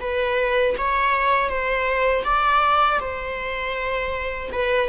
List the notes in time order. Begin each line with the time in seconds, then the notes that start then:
0.00 B4
0.77 C#5
1.49 C5
2.24 D5
3.00 C5
4.52 B4